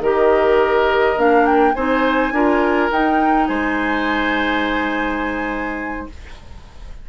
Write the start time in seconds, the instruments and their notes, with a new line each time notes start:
0.00 bassoon D#3, clarinet G4, oboe A#4, flute D#5
1.17 bassoon A#3, clarinet D4, flute F5
1.46 flute G5
1.74 bassoon C4, clarinet D#4, oboe C5, flute G#5
2.32 bassoon D4, clarinet F4, oboe A#4
2.92 bassoon D#4, clarinet D#4, flute G5
3.48 bassoon G#3, oboe C5, flute G#5